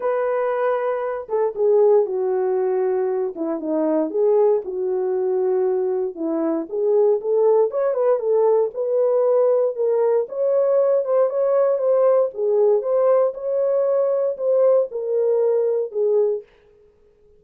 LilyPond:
\new Staff \with { instrumentName = "horn" } { \time 4/4 \tempo 4 = 117 b'2~ b'8 a'8 gis'4 | fis'2~ fis'8 e'8 dis'4 | gis'4 fis'2. | e'4 gis'4 a'4 cis''8 b'8 |
a'4 b'2 ais'4 | cis''4. c''8 cis''4 c''4 | gis'4 c''4 cis''2 | c''4 ais'2 gis'4 | }